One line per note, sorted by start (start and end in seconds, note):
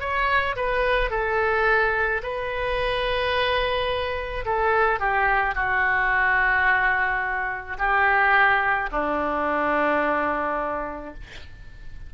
0.00 0.56 C#5
0.56 1.10 B4
1.10 2.21 A4
2.22 4.44 B4
4.45 4.99 A4
4.99 5.55 G4
5.55 7.77 F#4
7.78 8.89 G4
8.91 11.14 D4